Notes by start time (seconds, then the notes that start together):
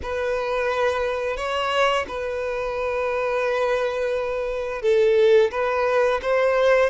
0.02 B4
1.36 C#5
2.08 B4
4.82 A4
5.51 B4
6.21 C5